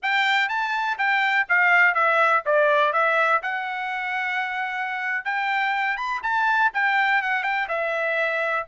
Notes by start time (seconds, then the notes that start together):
0.02 G5
0.49 A5
0.98 G5
1.48 F5
1.94 E5
2.45 D5
2.93 E5
3.42 F#5
5.25 G5
5.96 B5
6.22 A5
6.73 G5
7.22 F#5
7.43 G5
7.68 E5